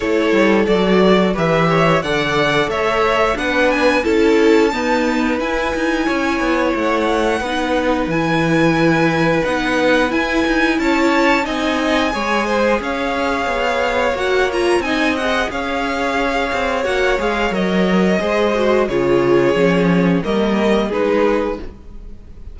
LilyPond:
<<
  \new Staff \with { instrumentName = "violin" } { \time 4/4 \tempo 4 = 89 cis''4 d''4 e''4 fis''4 | e''4 fis''8 gis''8 a''2 | gis''2 fis''2 | gis''2 fis''4 gis''4 |
a''4 gis''2 f''4~ | f''4 fis''8 ais''8 gis''8 fis''8 f''4~ | f''4 fis''8 f''8 dis''2 | cis''2 dis''4 b'4 | }
  \new Staff \with { instrumentName = "violin" } { \time 4/4 a'2 b'8 cis''8 d''4 | cis''4 b'4 a'4 b'4~ | b'4 cis''2 b'4~ | b'1 |
cis''4 dis''4 cis''8 c''8 cis''4~ | cis''2 dis''4 cis''4~ | cis''2. c''4 | gis'2 ais'4 gis'4 | }
  \new Staff \with { instrumentName = "viola" } { \time 4/4 e'4 fis'4 g'4 a'4~ | a'4 d'4 e'4 b4 | e'2. dis'4 | e'2 dis'4 e'4~ |
e'4 dis'4 gis'2~ | gis'4 fis'8 f'8 dis'8 gis'4.~ | gis'4 fis'8 gis'8 ais'4 gis'8 fis'8 | f'4 cis'4 ais4 dis'4 | }
  \new Staff \with { instrumentName = "cello" } { \time 4/4 a8 g8 fis4 e4 d4 | a4 b4 cis'4 dis'4 | e'8 dis'8 cis'8 b8 a4 b4 | e2 b4 e'8 dis'8 |
cis'4 c'4 gis4 cis'4 | b4 ais4 c'4 cis'4~ | cis'8 c'8 ais8 gis8 fis4 gis4 | cis4 f4 g4 gis4 | }
>>